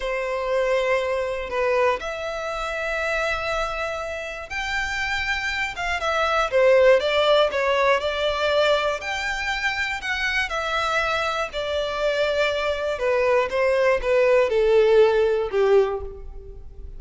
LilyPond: \new Staff \with { instrumentName = "violin" } { \time 4/4 \tempo 4 = 120 c''2. b'4 | e''1~ | e''4 g''2~ g''8 f''8 | e''4 c''4 d''4 cis''4 |
d''2 g''2 | fis''4 e''2 d''4~ | d''2 b'4 c''4 | b'4 a'2 g'4 | }